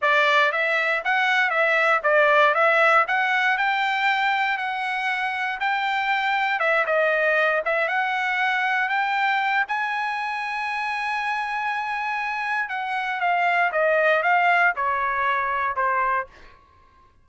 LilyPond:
\new Staff \with { instrumentName = "trumpet" } { \time 4/4 \tempo 4 = 118 d''4 e''4 fis''4 e''4 | d''4 e''4 fis''4 g''4~ | g''4 fis''2 g''4~ | g''4 e''8 dis''4. e''8 fis''8~ |
fis''4. g''4. gis''4~ | gis''1~ | gis''4 fis''4 f''4 dis''4 | f''4 cis''2 c''4 | }